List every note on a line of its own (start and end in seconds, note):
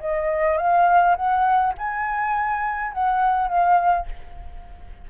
0.00 0.57 D#5
0.57 1.15 F5
1.16 1.74 F#5
1.78 2.93 G#5
2.93 3.48 F#5
3.48 4.06 F5